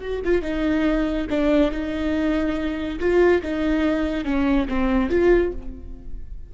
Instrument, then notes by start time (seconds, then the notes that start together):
viola
0.00 F#4
0.24 F4
0.42 D#4
1.29 D4
1.71 D#4
2.99 F4
3.42 D#4
4.24 C#4
4.68 C4
5.09 F4